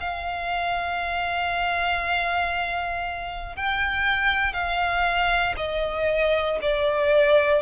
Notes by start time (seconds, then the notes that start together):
0.00 F5
3.55 G5
4.53 F5
5.57 D#5
6.61 D5